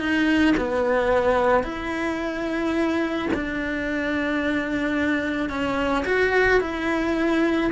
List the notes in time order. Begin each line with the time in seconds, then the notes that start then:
0.00 D#4
0.58 B3
1.64 E4
3.34 D4
5.50 C#4
6.06 F#4
6.61 E4